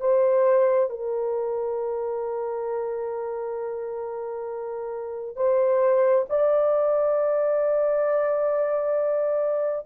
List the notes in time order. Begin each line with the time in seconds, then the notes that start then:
0.00 C5
0.90 A#4
5.36 C5
6.29 D5